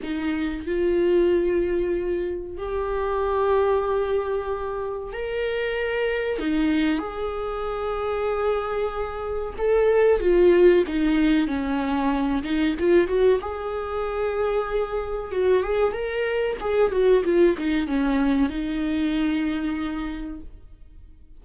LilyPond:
\new Staff \with { instrumentName = "viola" } { \time 4/4 \tempo 4 = 94 dis'4 f'2. | g'1 | ais'2 dis'4 gis'4~ | gis'2. a'4 |
f'4 dis'4 cis'4. dis'8 | f'8 fis'8 gis'2. | fis'8 gis'8 ais'4 gis'8 fis'8 f'8 dis'8 | cis'4 dis'2. | }